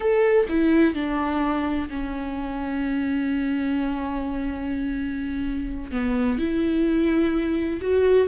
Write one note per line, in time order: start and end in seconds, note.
0.00 0.46 A4
0.48 0.94 E4
0.94 1.89 D4
1.89 5.91 C#4
5.91 6.38 B3
6.38 7.80 E4
7.81 8.27 F#4